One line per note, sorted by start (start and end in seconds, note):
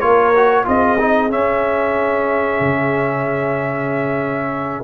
0.00 0.66 A#3
0.00 0.33 F4
0.00 0.66 A#4
0.00 0.65 C#5
0.36 0.65 F#4
0.65 1.32 C4
0.65 0.97 F4
0.65 4.83 G#4
0.65 1.31 D#5
0.99 1.29 D#4
1.29 4.83 C#4
1.29 2.60 C#4
1.29 4.83 E5
2.60 4.83 C#3